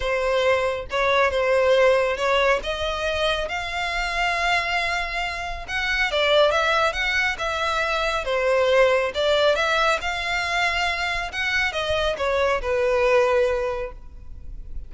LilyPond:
\new Staff \with { instrumentName = "violin" } { \time 4/4 \tempo 4 = 138 c''2 cis''4 c''4~ | c''4 cis''4 dis''2 | f''1~ | f''4 fis''4 d''4 e''4 |
fis''4 e''2 c''4~ | c''4 d''4 e''4 f''4~ | f''2 fis''4 dis''4 | cis''4 b'2. | }